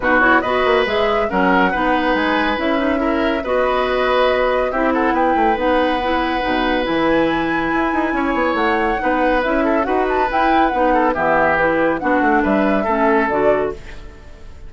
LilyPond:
<<
  \new Staff \with { instrumentName = "flute" } { \time 4/4 \tempo 4 = 140 b'8 cis''8 dis''4 e''4 fis''4~ | fis''4 gis''4 e''2 | dis''2. e''8 fis''8 | g''4 fis''2. |
gis''1 | fis''2 e''4 fis''8 a''8 | g''4 fis''4 e''4 b'4 | fis''4 e''2 d''4 | }
  \new Staff \with { instrumentName = "oboe" } { \time 4/4 fis'4 b'2 ais'4 | b'2. ais'4 | b'2. g'8 a'8 | b'1~ |
b'2. cis''4~ | cis''4 b'4. a'8 b'4~ | b'4. a'8 g'2 | fis'4 b'4 a'2 | }
  \new Staff \with { instrumentName = "clarinet" } { \time 4/4 dis'8 e'8 fis'4 gis'4 cis'4 | dis'2 e'8 dis'8 e'4 | fis'2. e'4~ | e'4 dis'4 e'4 dis'4 |
e'1~ | e'4 dis'4 e'4 fis'4 | e'4 dis'4 b4 e'4 | d'2 cis'4 fis'4 | }
  \new Staff \with { instrumentName = "bassoon" } { \time 4/4 b,4 b8 ais8 gis4 fis4 | b4 gis4 cis'2 | b2. c'4 | b8 a8 b2 b,4 |
e2 e'8 dis'8 cis'8 b8 | a4 b4 cis'4 dis'4 | e'4 b4 e2 | b8 a8 g4 a4 d4 | }
>>